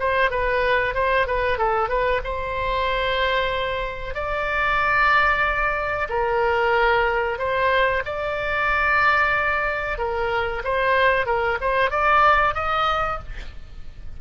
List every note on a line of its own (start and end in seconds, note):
0.00 0.31 C5
0.31 0.95 B4
0.95 1.27 C5
1.28 1.58 B4
1.58 1.89 A4
1.89 2.21 B4
2.24 4.15 C5
4.15 6.09 D5
6.10 7.39 A#4
7.39 8.03 C5
8.06 9.99 D5
9.99 10.63 A#4
10.65 11.26 C5
11.26 11.59 A#4
11.61 11.91 C5
11.91 12.55 D5
12.55 13.19 D#5